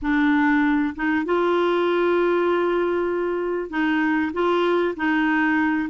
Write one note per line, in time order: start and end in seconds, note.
0.01 0.94 D4
0.95 1.25 D#4
1.25 3.70 F4
3.70 4.32 D#4
4.33 4.95 F4
4.96 5.89 D#4